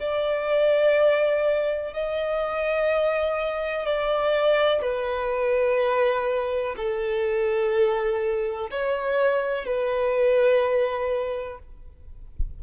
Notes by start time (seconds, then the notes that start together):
0.00 D5
1.94 D#5
3.86 D5
4.82 B4
6.77 A4
8.71 C#5
9.65 B4